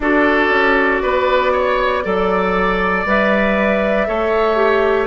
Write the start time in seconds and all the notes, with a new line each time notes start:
0.00 D4 F#4 A4 D5
0.48 C#4
1.02 B3 B4
1.52 C#5
2.03 F#3 A4 D5
3.05 G3 B4 E5
4.07 A3 A4 C#5
4.56 G4